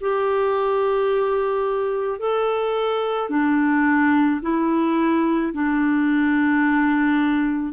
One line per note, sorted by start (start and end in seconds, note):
0.00 2.19 G4
2.19 3.29 A4
3.29 4.40 D4
4.41 5.53 E4
5.53 7.72 D4